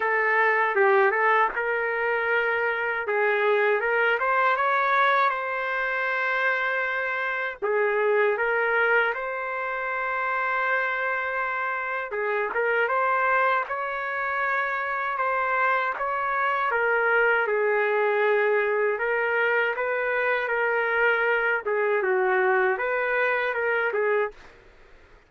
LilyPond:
\new Staff \with { instrumentName = "trumpet" } { \time 4/4 \tempo 4 = 79 a'4 g'8 a'8 ais'2 | gis'4 ais'8 c''8 cis''4 c''4~ | c''2 gis'4 ais'4 | c''1 |
gis'8 ais'8 c''4 cis''2 | c''4 cis''4 ais'4 gis'4~ | gis'4 ais'4 b'4 ais'4~ | ais'8 gis'8 fis'4 b'4 ais'8 gis'8 | }